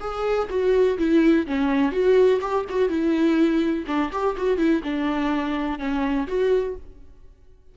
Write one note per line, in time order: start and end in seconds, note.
0.00 0.48 G#4
0.50 0.98 F#4
0.98 1.46 E4
1.46 1.92 C#4
1.92 2.40 F#4
2.41 2.65 G4
2.69 2.89 F#4
2.89 3.85 E4
3.87 4.11 D4
4.12 4.36 G4
4.36 4.57 F#4
4.57 4.81 E4
4.83 5.79 D4
5.79 6.27 C#4
6.27 6.75 F#4